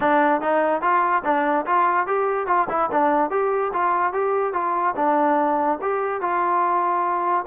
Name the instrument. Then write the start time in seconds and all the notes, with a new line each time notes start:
trombone
0.00 D4
0.41 D#4
0.81 F4
1.24 D4
1.66 F4
2.06 G4
2.47 F4
2.69 E4
2.91 D4
3.30 G4
3.73 F4
4.12 G4
4.53 F4
4.96 D4
5.81 G4
6.21 F4